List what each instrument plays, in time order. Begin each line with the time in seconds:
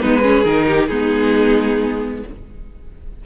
0.00 cello G#3, viola B3, violin D#4 B4
0.21 viola C#4, violin G#4
0.44 cello D#3, viola D#4, violin A#4
0.67 violin G4
0.87 cello G#3, viola B3, violin D#4 G#4